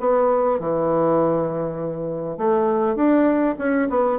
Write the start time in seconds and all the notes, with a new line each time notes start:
0.00 B3
0.60 E3
2.37 A3
2.96 D4
3.58 C#4
3.89 B3